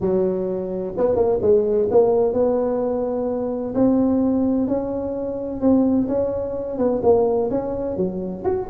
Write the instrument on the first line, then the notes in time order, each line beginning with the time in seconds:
tuba
0.00 F#3
0.97 B3
1.15 A#3
1.41 G#3
1.90 A#3
2.33 B3
3.74 C4
4.67 C#4
5.60 C4
6.07 C#4
6.78 B3
7.02 A#3
7.50 C#4
7.96 F#3
8.44 F#4